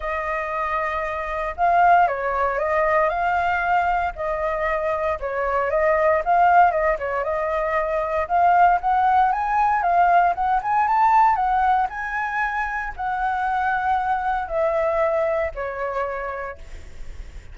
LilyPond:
\new Staff \with { instrumentName = "flute" } { \time 4/4 \tempo 4 = 116 dis''2. f''4 | cis''4 dis''4 f''2 | dis''2 cis''4 dis''4 | f''4 dis''8 cis''8 dis''2 |
f''4 fis''4 gis''4 f''4 | fis''8 gis''8 a''4 fis''4 gis''4~ | gis''4 fis''2. | e''2 cis''2 | }